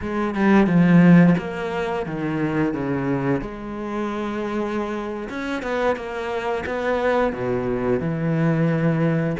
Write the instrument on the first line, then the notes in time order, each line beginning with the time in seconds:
cello
0.01 G#3
0.34 G3
0.66 F3
1.38 A#3
2.05 D#3
2.73 C#3
3.41 G#3
5.29 C#4
5.62 B3
5.95 A#3
6.66 B3
7.33 B2
8.00 E3